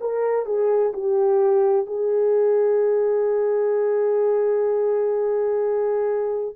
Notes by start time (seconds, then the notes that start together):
0.00 A#4
0.45 G#4
0.93 G4
1.86 G#4